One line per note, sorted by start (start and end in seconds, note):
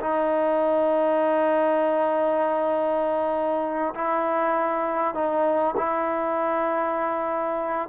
0.00 3.94 D#4
3.95 5.14 E4
5.14 5.75 D#4
5.77 7.89 E4